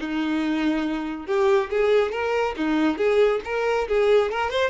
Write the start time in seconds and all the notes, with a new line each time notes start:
0.00 D#4
1.27 G4
1.70 G#4
2.12 A#4
2.57 D#4
2.98 G#4
3.45 A#4
3.88 G#4
4.31 A#4
4.50 C5